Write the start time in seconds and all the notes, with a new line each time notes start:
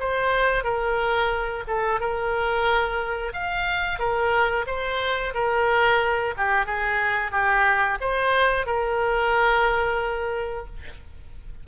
0.00 C5
0.64 A#4
1.68 A4
2.00 A#4
3.33 F5
3.99 A#4
4.67 C5
5.34 A#4
6.37 G4
6.65 G#4
7.32 G4
8.01 C5
8.66 A#4